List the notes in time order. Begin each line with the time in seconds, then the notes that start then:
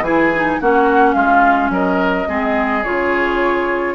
0.00 E3 E4 G#4 G#5
0.34 D#4
0.60 A#3 C#4 F#4 F#5
1.13 G#3 F4 F5
1.70 F#3 A#4 D#5
2.27 G#3 C4 G#4
2.83 C#3 F4 C#5